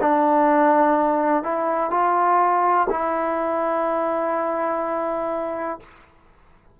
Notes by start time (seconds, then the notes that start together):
0.00 D4
1.43 E4
1.90 F4
2.89 E4